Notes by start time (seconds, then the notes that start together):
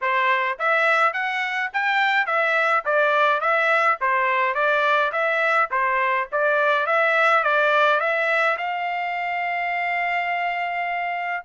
0.01 C5
0.59 E5
1.13 F#5
1.73 G5
2.26 E5
2.85 D5
3.41 E5
4.01 C5
4.54 D5
5.12 E5
5.70 C5
6.31 D5
6.86 E5
7.43 D5
7.99 E5
8.57 F5